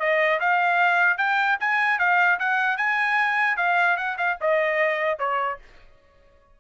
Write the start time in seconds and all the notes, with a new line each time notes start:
0.00 D#5
0.41 F5
1.18 G5
1.61 G#5
1.99 F5
2.40 F#5
2.78 G#5
3.57 F5
3.97 F#5
4.18 F5
4.41 D#5
5.19 C#5